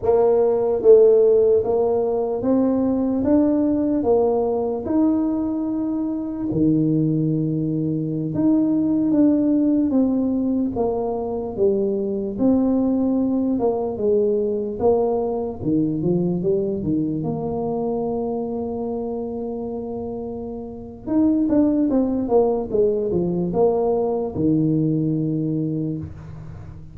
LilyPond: \new Staff \with { instrumentName = "tuba" } { \time 4/4 \tempo 4 = 74 ais4 a4 ais4 c'4 | d'4 ais4 dis'2 | dis2~ dis16 dis'4 d'8.~ | d'16 c'4 ais4 g4 c'8.~ |
c'8. ais8 gis4 ais4 dis8 f16~ | f16 g8 dis8 ais2~ ais8.~ | ais2 dis'8 d'8 c'8 ais8 | gis8 f8 ais4 dis2 | }